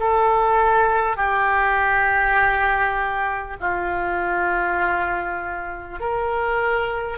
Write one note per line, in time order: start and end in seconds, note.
0.00 1.17 A4
1.17 3.57 G4
3.61 5.99 F4
5.99 7.18 A#4